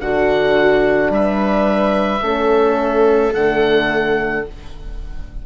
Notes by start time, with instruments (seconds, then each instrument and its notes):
0.00 bassoon D3, horn D4, viola F#4, oboe F#5
1.09 bassoon G3, viola B4, oboe E5
2.21 bassoon A3, horn C#4, viola A4
3.34 bassoon D3, horn A3, oboe F#5